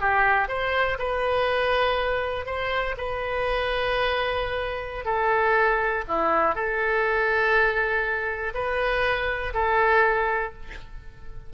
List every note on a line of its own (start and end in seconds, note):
0.00 0.48 G4
0.48 0.98 C5
0.98 2.46 B4
2.46 2.95 C5
2.97 5.05 B4
5.05 6.04 A4
6.07 6.55 E4
6.55 8.53 A4
8.54 9.53 B4
9.54 10.53 A4